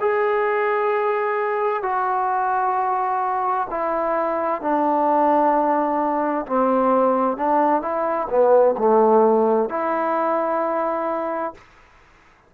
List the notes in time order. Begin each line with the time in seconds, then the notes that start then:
0.00 G#4
1.83 F#4
3.70 E4
4.61 D4
6.46 C4
7.37 D4
7.81 E4
8.29 B3
8.78 A3
9.69 E4